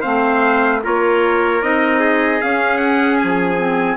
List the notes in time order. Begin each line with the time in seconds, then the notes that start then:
0.00 A3 C4 C5 F5
0.83 A#3 F4 A#4 C#5
1.61 C4 D#4 D#5
1.99 G#4
2.41 C#4 F5
2.77 F#5
3.18 F3 G#5
3.58 C4